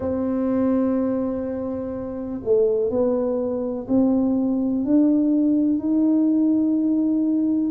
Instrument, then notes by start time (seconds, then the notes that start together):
tuba
0.00 C4
2.44 A3
2.89 B3
3.88 C4
4.84 D4
5.78 D#4